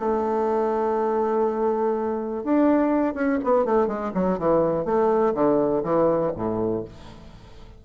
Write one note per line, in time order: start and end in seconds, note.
0.00 2.44 A3
2.44 3.14 D4
3.14 3.39 C#4
3.44 3.66 B3
3.66 3.88 A3
3.88 4.12 G#3
4.15 4.39 F#3
4.39 4.85 E3
4.85 5.34 A3
5.35 5.83 D3
5.84 6.32 E3
6.36 6.85 A2